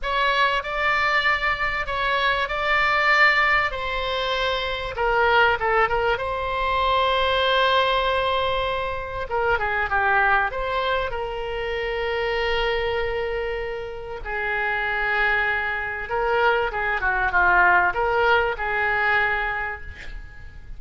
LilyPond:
\new Staff \with { instrumentName = "oboe" } { \time 4/4 \tempo 4 = 97 cis''4 d''2 cis''4 | d''2 c''2 | ais'4 a'8 ais'8 c''2~ | c''2. ais'8 gis'8 |
g'4 c''4 ais'2~ | ais'2. gis'4~ | gis'2 ais'4 gis'8 fis'8 | f'4 ais'4 gis'2 | }